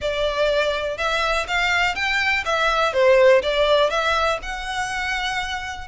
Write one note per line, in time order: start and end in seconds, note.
0.01 0.97 D5
0.97 1.46 E5
1.47 1.95 F5
1.95 2.44 G5
2.45 2.93 E5
2.93 3.41 C5
3.42 3.90 D5
3.90 4.38 E5
4.42 5.87 F#5